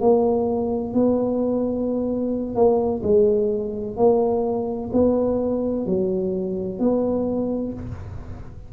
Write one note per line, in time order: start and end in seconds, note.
0.00 0.93 A#3
0.93 2.55 B3
2.55 3.02 A#3
3.03 3.96 G#3
3.96 4.90 A#3
4.93 5.86 B3
5.86 6.79 F#3
6.79 7.73 B3